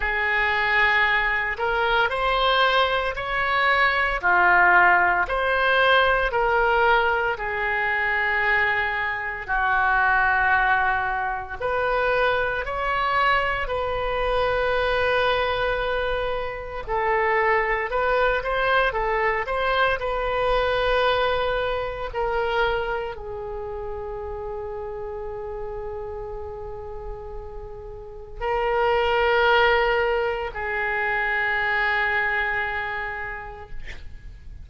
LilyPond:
\new Staff \with { instrumentName = "oboe" } { \time 4/4 \tempo 4 = 57 gis'4. ais'8 c''4 cis''4 | f'4 c''4 ais'4 gis'4~ | gis'4 fis'2 b'4 | cis''4 b'2. |
a'4 b'8 c''8 a'8 c''8 b'4~ | b'4 ais'4 gis'2~ | gis'2. ais'4~ | ais'4 gis'2. | }